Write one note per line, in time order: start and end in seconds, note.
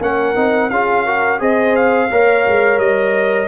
0.00 0.35 A#3
0.00 0.36 C#4
0.00 0.72 A#4
0.00 0.70 F#5
0.36 0.71 C4
0.36 0.70 D#4
0.70 1.40 C#4
0.70 1.07 F4
0.70 1.05 G#4
0.70 1.40 F5
1.05 1.39 F#4
1.05 1.40 A#4
1.39 2.10 C4
1.39 2.09 G#4
1.39 2.11 C5
1.39 1.76 D#5
1.76 2.79 F5
2.11 2.47 A#3
2.11 3.49 A#4
2.11 3.49 C#5
2.47 2.79 G#3
2.79 3.48 G3
2.79 3.49 D#5